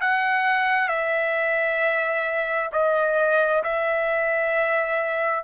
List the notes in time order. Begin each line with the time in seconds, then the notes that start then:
0.00 F#5
0.88 E5
2.72 D#5
3.63 E5